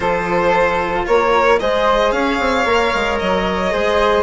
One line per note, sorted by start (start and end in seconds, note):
0.00 1.05 F3
0.00 1.58 F4
0.00 1.07 A4
0.00 1.05 C5
1.06 1.61 A#3
1.06 1.60 A#4
1.06 1.59 C#5
1.59 2.12 G#3
1.59 2.66 G#4
1.59 2.13 C5
1.59 2.11 D#5
2.11 2.38 C#4
2.11 3.72 C#5
2.11 3.17 F5
2.39 2.65 C4
2.65 2.91 A#3
2.65 3.71 A#4
2.94 3.20 G#3
3.18 3.73 F#3
3.18 4.22 D#5
3.71 4.22 G#3
3.71 4.22 G#4
3.71 4.22 C5